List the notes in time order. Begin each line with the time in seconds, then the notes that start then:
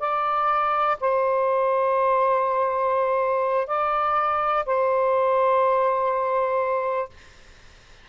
0.00 D5
1.01 C5
3.68 D5
4.66 C5